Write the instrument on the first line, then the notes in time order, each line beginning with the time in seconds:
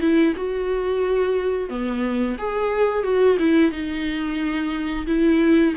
viola
0.00 E4
0.36 F#4
1.69 B3
2.38 G#4
3.03 F#4
3.39 E4
3.71 D#4
5.07 E4